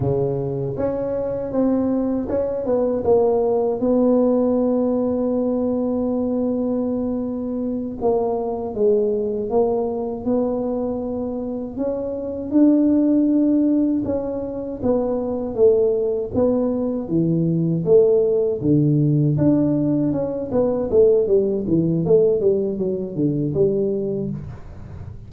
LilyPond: \new Staff \with { instrumentName = "tuba" } { \time 4/4 \tempo 4 = 79 cis4 cis'4 c'4 cis'8 b8 | ais4 b2.~ | b2~ b8 ais4 gis8~ | gis8 ais4 b2 cis'8~ |
cis'8 d'2 cis'4 b8~ | b8 a4 b4 e4 a8~ | a8 d4 d'4 cis'8 b8 a8 | g8 e8 a8 g8 fis8 d8 g4 | }